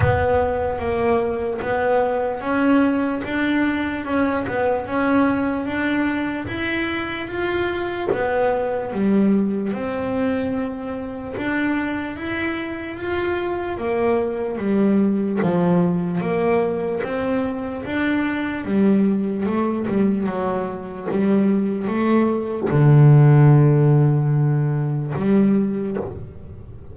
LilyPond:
\new Staff \with { instrumentName = "double bass" } { \time 4/4 \tempo 4 = 74 b4 ais4 b4 cis'4 | d'4 cis'8 b8 cis'4 d'4 | e'4 f'4 b4 g4 | c'2 d'4 e'4 |
f'4 ais4 g4 f4 | ais4 c'4 d'4 g4 | a8 g8 fis4 g4 a4 | d2. g4 | }